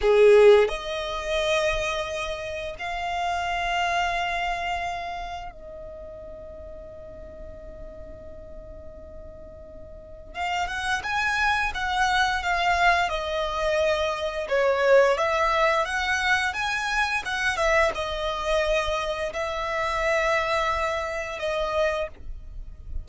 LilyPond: \new Staff \with { instrumentName = "violin" } { \time 4/4 \tempo 4 = 87 gis'4 dis''2. | f''1 | dis''1~ | dis''2. f''8 fis''8 |
gis''4 fis''4 f''4 dis''4~ | dis''4 cis''4 e''4 fis''4 | gis''4 fis''8 e''8 dis''2 | e''2. dis''4 | }